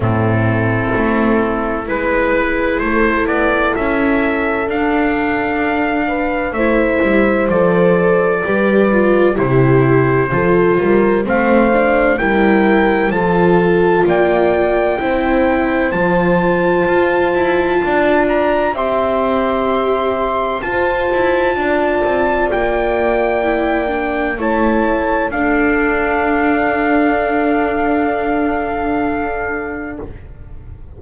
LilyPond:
<<
  \new Staff \with { instrumentName = "trumpet" } { \time 4/4 \tempo 4 = 64 a'2 b'4 c''8 d''8 | e''4 f''2 e''4 | d''2 c''2 | f''4 g''4 a''4 g''4~ |
g''4 a''2~ a''8 ais''8 | c'''2 a''2 | g''2 a''4 f''4~ | f''1 | }
  \new Staff \with { instrumentName = "horn" } { \time 4/4 e'2 b'4 a'4~ | a'2~ a'8 b'8 c''4~ | c''4 b'4 g'4 a'8 ais'8 | c''4 ais'4 a'4 d''4 |
c''2. d''4 | e''2 c''4 d''4~ | d''2 cis''4 a'4~ | a'1 | }
  \new Staff \with { instrumentName = "viola" } { \time 4/4 c'2 e'2~ | e'4 d'2 e'4 | a'4 g'8 f'8 e'4 f'4 | c'8 d'8 e'4 f'2 |
e'4 f'2. | g'2 f'2~ | f'4 e'8 d'8 e'4 d'4~ | d'1 | }
  \new Staff \with { instrumentName = "double bass" } { \time 4/4 a,4 a4 gis4 a8 b8 | cis'4 d'2 a8 g8 | f4 g4 c4 f8 g8 | a4 g4 f4 ais4 |
c'4 f4 f'8 e'8 d'4 | c'2 f'8 e'8 d'8 c'8 | ais2 a4 d'4~ | d'1 | }
>>